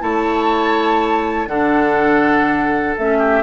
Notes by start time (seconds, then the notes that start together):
0.00 A3 E4 C#5 A5
1.47 D3 D4 A4 F#5
2.98 A3 C#4 E5
3.18 G4